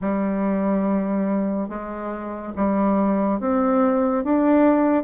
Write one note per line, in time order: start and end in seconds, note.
0.01 1.68 G3
1.68 2.53 G#3
2.55 3.40 G3
3.40 4.24 C4
4.24 5.03 D4